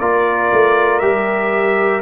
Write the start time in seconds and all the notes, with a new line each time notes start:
0.00 A#3 F4 A#4 D5
0.52 A3
1.00 G3 G4 E5